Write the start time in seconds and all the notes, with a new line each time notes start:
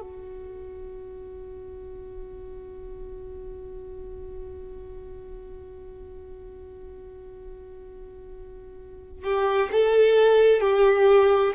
0.00 F#4
9.23 G4
9.71 A4
10.60 G4